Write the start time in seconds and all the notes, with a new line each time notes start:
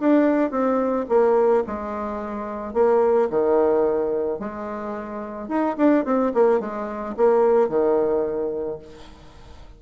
0.00 D4
0.51 C4
1.09 A#3
1.67 G#3
2.74 A#3
3.30 D#3
4.39 G#3
5.48 D#4
5.77 D4
6.05 C4
6.34 A#3
6.60 G#3
7.17 A#3
7.68 D#3